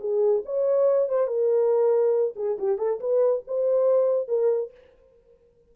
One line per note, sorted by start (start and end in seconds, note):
0.00 0.43 G#4
0.45 1.09 C#5
1.09 1.27 C5
1.27 2.34 A#4
2.36 2.58 G#4
2.58 2.78 G4
2.78 2.99 A4
3.00 3.43 B4
3.47 4.28 C5
4.28 4.71 A#4